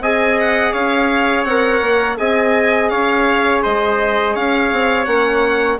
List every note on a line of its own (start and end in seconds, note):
0.00 0.72 C4
0.00 1.48 G#4
0.00 0.72 D#5
0.00 0.39 G#5
0.40 0.73 F#5
0.72 1.44 C#4
0.72 2.17 C#5
0.72 1.44 F5
1.44 1.80 C4
1.44 2.18 A#4
1.44 2.17 F#5
1.81 2.17 A#3
2.18 2.91 C4
2.18 5.06 G#4
2.18 2.91 D#5
2.18 2.89 G#5
2.89 3.63 C#4
2.89 3.63 C#5
2.89 3.61 F5
3.63 4.36 G#3
3.63 4.34 C5
3.63 4.35 D#5
4.34 4.72 C#4
4.34 5.78 C#5
4.34 5.05 F5
4.72 5.07 C4
5.05 5.79 A#3
5.05 5.78 C#4
5.05 5.78 F#5